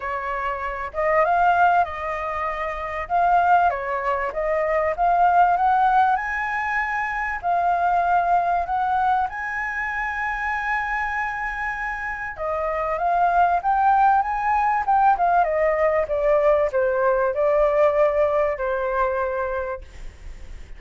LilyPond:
\new Staff \with { instrumentName = "flute" } { \time 4/4 \tempo 4 = 97 cis''4. dis''8 f''4 dis''4~ | dis''4 f''4 cis''4 dis''4 | f''4 fis''4 gis''2 | f''2 fis''4 gis''4~ |
gis''1 | dis''4 f''4 g''4 gis''4 | g''8 f''8 dis''4 d''4 c''4 | d''2 c''2 | }